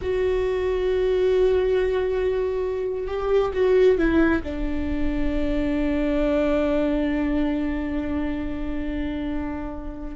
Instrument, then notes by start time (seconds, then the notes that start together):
viola
0.01 F#4
3.07 G4
3.53 F#4
3.98 E4
4.43 D4